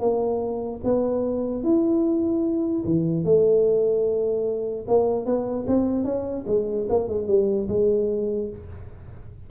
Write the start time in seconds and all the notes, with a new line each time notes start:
0.00 A#3
0.84 B3
1.64 E4
2.85 E3
3.25 A3
4.88 A#3
5.26 B3
5.67 C4
6.05 C#4
6.47 G#3
6.89 A#3
7.09 G#3
7.28 G3
7.69 G#3